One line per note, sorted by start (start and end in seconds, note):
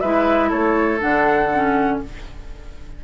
0.00 0.51 G#3
0.00 0.99 E4
0.00 0.49 B4
0.00 0.50 E5
0.49 1.01 A3
0.49 1.98 A4
0.49 1.00 C#5
0.99 2.01 D3
0.99 1.48 D4
0.99 1.99 F#5
1.54 2.04 C#4